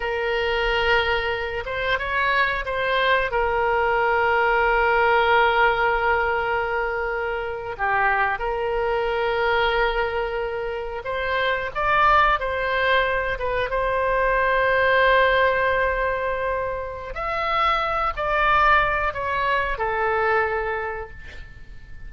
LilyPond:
\new Staff \with { instrumentName = "oboe" } { \time 4/4 \tempo 4 = 91 ais'2~ ais'8 c''8 cis''4 | c''4 ais'2.~ | ais'2.~ ais'8. g'16~ | g'8. ais'2.~ ais'16~ |
ais'8. c''4 d''4 c''4~ c''16~ | c''16 b'8 c''2.~ c''16~ | c''2 e''4. d''8~ | d''4 cis''4 a'2 | }